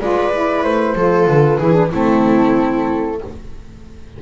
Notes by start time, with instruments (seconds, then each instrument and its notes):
0.00 double bass G#3, saxophone F4, viola B4, flute D5
0.32 saxophone E4
0.63 double bass A3, flute C5
0.95 double bass F3, saxophone F4, viola A4
1.27 double bass D3, flute B4
1.58 double bass E3, saxophone E4, viola G#4
1.72 saxophone D4
1.90 double bass A3, saxophone C4, viola E4, flute A4